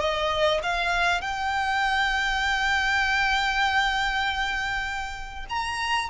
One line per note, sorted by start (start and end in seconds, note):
0.00 0.61 D#5
0.63 1.21 F5
1.21 5.46 G5
5.49 6.10 A#5